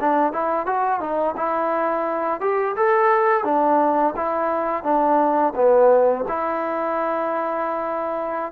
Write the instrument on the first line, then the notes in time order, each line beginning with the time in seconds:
trombone
0.00 D4
0.32 E4
0.66 F#4
1.00 D#4
1.37 E4
2.40 G4
2.76 A4
3.44 D4
4.16 E4
4.83 D4
5.55 B3
6.28 E4